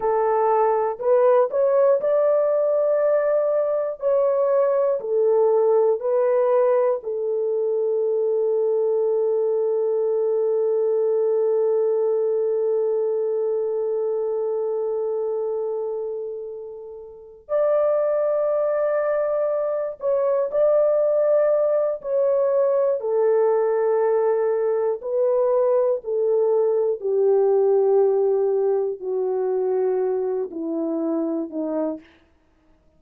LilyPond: \new Staff \with { instrumentName = "horn" } { \time 4/4 \tempo 4 = 60 a'4 b'8 cis''8 d''2 | cis''4 a'4 b'4 a'4~ | a'1~ | a'1~ |
a'4. d''2~ d''8 | cis''8 d''4. cis''4 a'4~ | a'4 b'4 a'4 g'4~ | g'4 fis'4. e'4 dis'8 | }